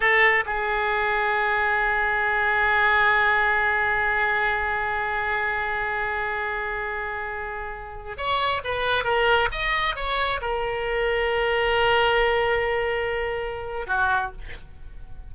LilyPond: \new Staff \with { instrumentName = "oboe" } { \time 4/4 \tempo 4 = 134 a'4 gis'2.~ | gis'1~ | gis'1~ | gis'1~ |
gis'2~ gis'16 cis''4 b'8.~ | b'16 ais'4 dis''4 cis''4 ais'8.~ | ais'1~ | ais'2. fis'4 | }